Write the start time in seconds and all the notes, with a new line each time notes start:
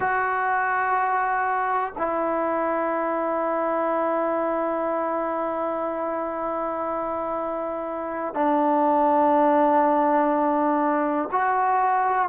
0.00 F#4
1.97 E4
8.34 D4
11.31 F#4